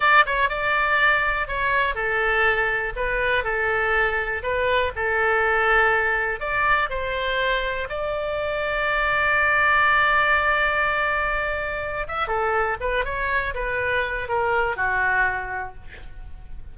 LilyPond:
\new Staff \with { instrumentName = "oboe" } { \time 4/4 \tempo 4 = 122 d''8 cis''8 d''2 cis''4 | a'2 b'4 a'4~ | a'4 b'4 a'2~ | a'4 d''4 c''2 |
d''1~ | d''1~ | d''8 e''8 a'4 b'8 cis''4 b'8~ | b'4 ais'4 fis'2 | }